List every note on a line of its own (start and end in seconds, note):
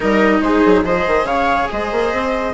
0.00 0.41 G3
0.00 0.84 D#4
0.00 0.41 A#4
0.00 0.41 D#5
0.41 0.62 G#3
0.41 0.85 G#4
0.41 0.84 C5
0.65 0.84 F#3
0.84 1.05 F3
0.84 2.53 G#4
0.84 1.26 C5
0.84 1.25 D#5
1.07 1.23 D#3
1.23 1.66 C#3
1.23 1.69 C#5
1.23 1.68 F5
1.71 1.91 G#3
1.71 2.53 C5
1.71 2.53 D#5
1.91 2.12 A#3
2.12 2.53 C4